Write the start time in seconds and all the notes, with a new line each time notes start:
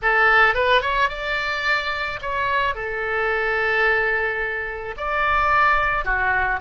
0.02 A4
0.54 B4
0.81 C#5
1.09 D5
2.21 C#5
2.74 A4
4.97 D5
6.05 F#4